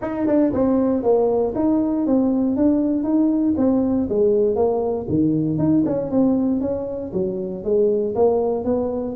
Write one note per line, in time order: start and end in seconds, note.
0.01 0.27 D#4
0.27 0.52 D4
0.53 1.02 C4
1.02 1.53 A#3
1.55 2.06 D#4
2.06 2.56 C4
2.56 3.03 D4
3.03 3.54 D#4
3.57 4.08 C4
4.09 4.55 G#3
4.55 5.06 A#3
5.08 5.58 D#3
5.58 5.83 D#4
5.85 6.10 C#4
6.10 6.61 C4
6.61 7.11 C#4
7.13 7.64 F#3
7.64 8.14 G#3
8.15 8.64 A#3
8.64 9.15 B3